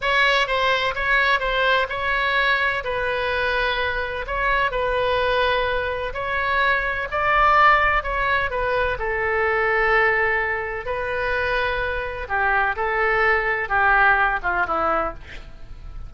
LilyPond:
\new Staff \with { instrumentName = "oboe" } { \time 4/4 \tempo 4 = 127 cis''4 c''4 cis''4 c''4 | cis''2 b'2~ | b'4 cis''4 b'2~ | b'4 cis''2 d''4~ |
d''4 cis''4 b'4 a'4~ | a'2. b'4~ | b'2 g'4 a'4~ | a'4 g'4. f'8 e'4 | }